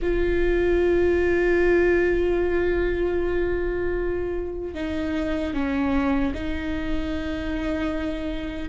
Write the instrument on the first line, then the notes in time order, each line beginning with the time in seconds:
viola
0.01 F4
4.74 D#4
5.53 C#4
6.34 D#4